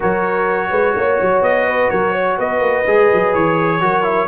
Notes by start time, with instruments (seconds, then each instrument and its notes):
0.00 tuba F#3, trombone F#4, horn A#4, trumpet C#5
0.70 tuba G#3, horn B4
0.95 tuba A#3, horn C#5
1.21 tuba F#3
1.41 tuba B3, trumpet D#5
1.66 horn B4
1.89 tuba F#3, horn A#4, trumpet C#5
2.12 horn C#5
2.37 tuba B3, horn B4, trumpet D#5
2.59 tuba A#3
2.86 tuba G#3, trombone G#4
3.13 tuba F#3
3.34 tuba E3, trumpet C#5
3.80 tuba F#3, trombone F#4, horn A#4
4.03 trombone E4